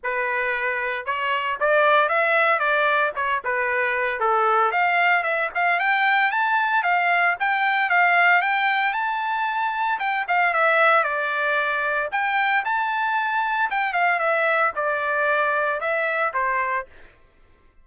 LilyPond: \new Staff \with { instrumentName = "trumpet" } { \time 4/4 \tempo 4 = 114 b'2 cis''4 d''4 | e''4 d''4 cis''8 b'4. | a'4 f''4 e''8 f''8 g''4 | a''4 f''4 g''4 f''4 |
g''4 a''2 g''8 f''8 | e''4 d''2 g''4 | a''2 g''8 f''8 e''4 | d''2 e''4 c''4 | }